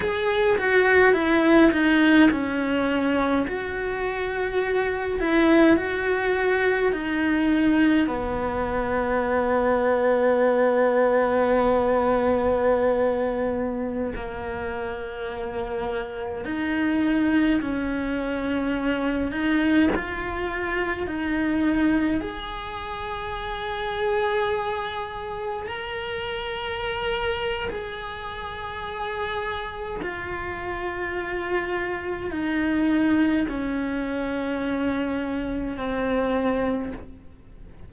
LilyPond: \new Staff \with { instrumentName = "cello" } { \time 4/4 \tempo 4 = 52 gis'8 fis'8 e'8 dis'8 cis'4 fis'4~ | fis'8 e'8 fis'4 dis'4 b4~ | b1~ | b16 ais2 dis'4 cis'8.~ |
cis'8. dis'8 f'4 dis'4 gis'8.~ | gis'2~ gis'16 ais'4.~ ais'16 | gis'2 f'2 | dis'4 cis'2 c'4 | }